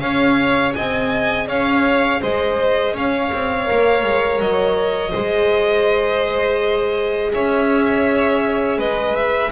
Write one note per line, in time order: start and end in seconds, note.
0.00 0.74 C#4
0.00 3.66 G#4
0.00 0.76 C#5
0.00 0.73 F5
0.74 1.48 C4
0.74 1.48 D#5
0.74 1.47 G#5
1.48 2.21 C#4
1.48 2.21 C#5
1.48 2.22 F5
2.21 2.95 G#3
2.21 2.94 C5
2.21 2.96 D#5
2.94 3.31 C#4
2.94 5.11 C#5
2.94 4.41 F5
3.33 3.70 C4
3.66 4.03 A#3
3.66 5.12 A#4
4.03 4.40 G#3
4.40 5.13 F#3
4.40 7.33 D#5
5.11 7.35 G#3
5.11 9.52 G#4
5.11 7.31 C5
7.34 8.79 C#4
7.34 8.78 C#5
7.34 8.80 E5
8.78 9.52 G#3
8.78 9.51 B4
8.78 9.16 D#5
9.16 9.52 E5